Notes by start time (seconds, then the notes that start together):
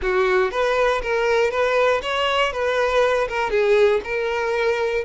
0.02 F#4
0.51 B4
1.02 A#4
1.50 B4
2.01 C#5
2.52 B4
3.28 A#4
3.50 G#4
4.03 A#4